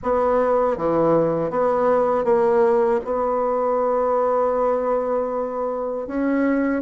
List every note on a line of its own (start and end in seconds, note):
0.02 0.77 B3
0.77 1.50 E3
1.50 2.24 B3
2.24 3.00 A#3
3.04 6.07 B3
6.07 6.82 C#4